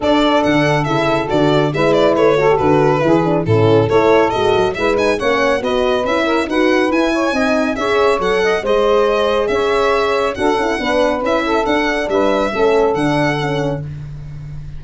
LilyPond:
<<
  \new Staff \with { instrumentName = "violin" } { \time 4/4 \tempo 4 = 139 d''4 fis''4 e''4 d''4 | e''8 d''8 cis''4 b'2 | a'4 cis''4 dis''4 e''8 gis''8 | fis''4 dis''4 e''4 fis''4 |
gis''2 e''4 fis''4 | dis''2 e''2 | fis''2 e''4 fis''4 | e''2 fis''2 | }
  \new Staff \with { instrumentName = "saxophone" } { \time 4/4 a'1 | b'4. a'4. gis'4 | e'4 a'2 b'4 | cis''4 b'4. ais'8 b'4~ |
b'8 cis''8 dis''4 cis''4. dis''8 | c''2 cis''2 | a'4 b'4. a'4. | b'4 a'2. | }
  \new Staff \with { instrumentName = "horn" } { \time 4/4 d'2 e'4 fis'4 | e'4. fis'16 g'16 fis'4 e'8 d'8 | cis'4 e'4 fis'4 e'8 dis'8 | cis'4 fis'4 e'4 fis'4 |
e'4 dis'4 gis'4 a'4 | gis'1 | fis'8 e'8 d'4 e'4 d'4~ | d'4 cis'4 d'4 cis'4 | }
  \new Staff \with { instrumentName = "tuba" } { \time 4/4 d'4 d4 cis4 d4 | gis4 a4 d4 e4 | a,4 a4 gis8 fis8 gis4 | ais4 b4 cis'4 dis'4 |
e'4 c'4 cis'4 fis4 | gis2 cis'2 | d'8 cis'8 b4 cis'4 d'4 | g4 a4 d2 | }
>>